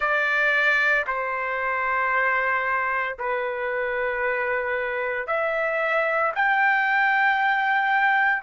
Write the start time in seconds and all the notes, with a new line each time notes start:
0.00 D5
1.06 C5
3.18 B4
5.27 E5
6.34 G5